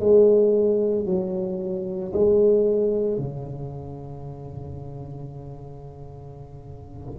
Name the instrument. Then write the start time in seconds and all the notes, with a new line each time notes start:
tuba
0.00 G#3
1.06 F#3
2.13 G#3
3.18 C#3